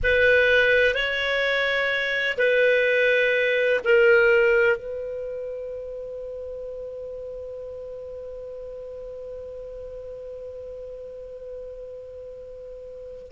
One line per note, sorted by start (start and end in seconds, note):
0.03 0.94 B4
0.94 2.37 C#5
2.37 3.80 B4
3.84 4.77 A#4
4.77 13.31 B4